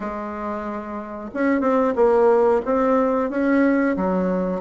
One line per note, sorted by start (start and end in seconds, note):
0.00 1.30 G#3
1.34 1.60 C#4
1.60 1.93 C4
1.95 2.61 A#3
2.65 3.30 C4
3.30 3.96 C#4
3.96 4.61 F#3